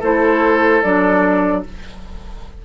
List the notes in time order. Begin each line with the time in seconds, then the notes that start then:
0.00 A3 E4 A4 C5
0.82 F#3 D4 D5